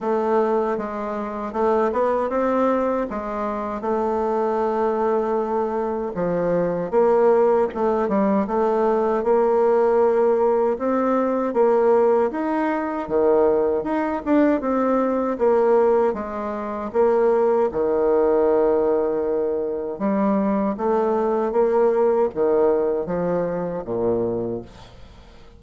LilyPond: \new Staff \with { instrumentName = "bassoon" } { \time 4/4 \tempo 4 = 78 a4 gis4 a8 b8 c'4 | gis4 a2. | f4 ais4 a8 g8 a4 | ais2 c'4 ais4 |
dis'4 dis4 dis'8 d'8 c'4 | ais4 gis4 ais4 dis4~ | dis2 g4 a4 | ais4 dis4 f4 ais,4 | }